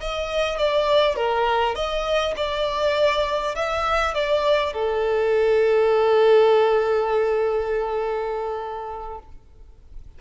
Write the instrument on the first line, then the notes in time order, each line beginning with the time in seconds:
violin
0.00 D#5
0.58 D5
1.16 A#4
1.75 D#5
2.36 D5
3.55 E5
4.14 D5
4.73 A4